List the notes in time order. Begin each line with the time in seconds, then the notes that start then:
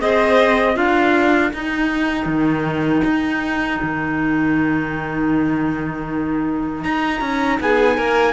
0.00 C4 G#4 C5 D#5
0.75 D4 F4 A#4 F5
1.53 D#4 G5
2.26 D#3
3.04 D#4
3.83 D#3
6.83 D#4 A#5
7.21 C#4
7.61 B3 G#4 G#5
7.97 A#3 A#4